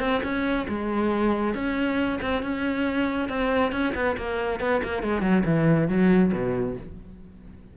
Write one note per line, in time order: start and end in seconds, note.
0.00 0.22 C4
0.23 0.67 C#4
0.69 1.55 G#3
1.55 2.20 C#4
2.22 2.43 C4
2.43 3.29 C#4
3.29 3.72 C4
3.72 3.94 C#4
3.95 4.17 B3
4.17 4.60 A#3
4.60 4.82 B3
4.83 5.03 A#3
5.03 5.22 G#3
5.22 5.43 F#3
5.45 5.89 E3
5.89 6.32 F#3
6.33 6.76 B2